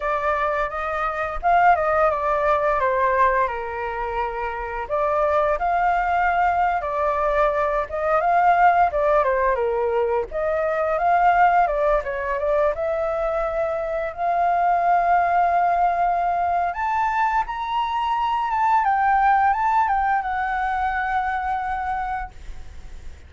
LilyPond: \new Staff \with { instrumentName = "flute" } { \time 4/4 \tempo 4 = 86 d''4 dis''4 f''8 dis''8 d''4 | c''4 ais'2 d''4 | f''4.~ f''16 d''4. dis''8 f''16~ | f''8. d''8 c''8 ais'4 dis''4 f''16~ |
f''8. d''8 cis''8 d''8 e''4.~ e''16~ | e''16 f''2.~ f''8. | a''4 ais''4. a''8 g''4 | a''8 g''8 fis''2. | }